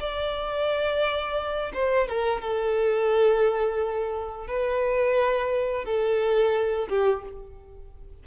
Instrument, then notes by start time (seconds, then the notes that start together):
violin
0.00 D5
1.74 C5
2.08 A#4
2.41 A4
4.47 B4
5.85 A4
6.89 G4